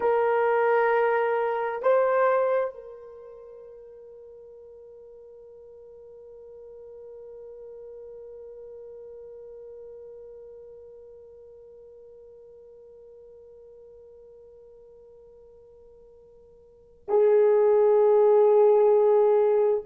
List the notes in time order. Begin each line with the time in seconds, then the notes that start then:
0.00 A#4
1.82 C5
2.74 A#4
17.08 G#4